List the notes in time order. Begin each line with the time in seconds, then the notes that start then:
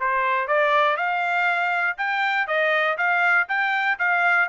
0.00 C5
0.47 D5
0.97 F5
1.97 G5
2.47 D#5
2.98 F5
3.48 G5
3.99 F5